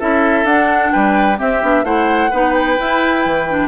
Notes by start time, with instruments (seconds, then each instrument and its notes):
0.00 bassoon C#4, clarinet E4, oboe A4, flute E5
0.45 bassoon D4, clarinet D4, flute F#5
0.92 bassoon G3, oboe B4, flute G5
1.38 clarinet C4, bassoon C4, oboe G4, flute E5
1.63 bassoon B3, clarinet D4
1.84 bassoon A3, clarinet E4, oboe C5, flute F#5
2.31 bassoon B3, clarinet D#4, oboe B4
2.54 flute G5
2.78 clarinet E4, bassoon E4
3.26 bassoon E3
3.50 clarinet D4